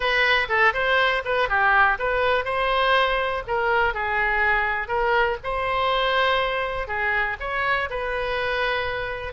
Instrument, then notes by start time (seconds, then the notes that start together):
oboe
0.00 B4
0.48 A4
0.73 C5
1.24 B4
1.49 G4
1.98 B4
2.45 C5
3.47 A#4
3.93 G#4
4.88 A#4
5.43 C5
6.87 G#4
7.39 C#5
7.90 B4